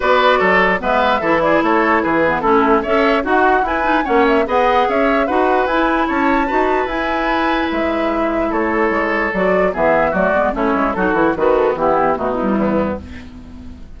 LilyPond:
<<
  \new Staff \with { instrumentName = "flute" } { \time 4/4 \tempo 4 = 148 d''2 e''4. d''8 | cis''4 b'4 a'4 e''4 | fis''4 gis''4 fis''8 e''8 fis''4 | e''4 fis''4 gis''4 a''4~ |
a''4 gis''2 e''4~ | e''4 cis''2 d''4 | e''4 d''4 cis''4 a'4 | b'8 a'8 g'4 fis'8 e'4. | }
  \new Staff \with { instrumentName = "oboe" } { \time 4/4 b'4 a'4 b'4 a'8 gis'8 | a'4 gis'4 e'4 cis''4 | fis'4 b'4 cis''4 dis''4 | cis''4 b'2 cis''4 |
b'1~ | b'4 a'2. | gis'4 fis'4 e'4 fis'4 | b4 e'4 dis'4 b4 | }
  \new Staff \with { instrumentName = "clarinet" } { \time 4/4 fis'2 b4 e'4~ | e'4. b8 cis'4 a'4 | fis'4 e'8 dis'8 cis'4 gis'4~ | gis'4 fis'4 e'2 |
fis'4 e'2.~ | e'2. fis'4 | b4 a8 b8 cis'4 dis'8 e'8 | fis'4 b4 a8 g4. | }
  \new Staff \with { instrumentName = "bassoon" } { \time 4/4 b4 fis4 gis4 e4 | a4 e4 a4 cis'4 | dis'4 e'4 ais4 b4 | cis'4 dis'4 e'4 cis'4 |
dis'4 e'2 gis4~ | gis4 a4 gis4 fis4 | e4 fis8 gis8 a8 gis8 fis8 e8 | dis4 e4 b,4 e,4 | }
>>